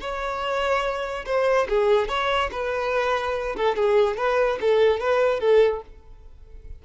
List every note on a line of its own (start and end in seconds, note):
0.00 1.25 C#5
1.26 1.67 C5
1.68 2.08 G#4
2.08 2.50 C#5
2.52 3.56 B4
3.56 3.76 A4
3.76 4.17 G#4
4.17 4.59 B4
4.61 5.00 A4
5.00 5.40 B4
5.40 5.82 A4